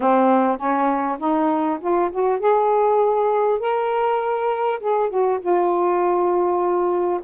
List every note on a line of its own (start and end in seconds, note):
0.00 0.57 C4
0.57 1.17 C#4
1.18 1.78 D#4
1.80 2.10 F4
2.11 2.39 F#4
2.39 3.59 G#4
3.59 4.79 A#4
4.79 5.09 G#4
5.09 5.39 F#4
5.40 7.20 F4